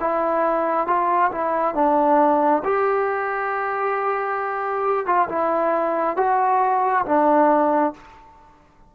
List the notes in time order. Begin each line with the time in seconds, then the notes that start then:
0.00 E4
0.87 F4
1.31 E4
1.74 D4
2.64 G4
5.06 F4
5.29 E4
6.16 F#4
7.05 D4